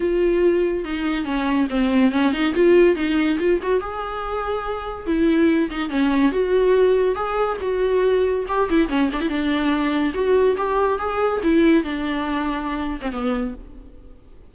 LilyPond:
\new Staff \with { instrumentName = "viola" } { \time 4/4 \tempo 4 = 142 f'2 dis'4 cis'4 | c'4 cis'8 dis'8 f'4 dis'4 | f'8 fis'8 gis'2. | e'4. dis'8 cis'4 fis'4~ |
fis'4 gis'4 fis'2 | g'8 e'8 cis'8 d'16 e'16 d'2 | fis'4 g'4 gis'4 e'4 | d'2~ d'8. c'16 b4 | }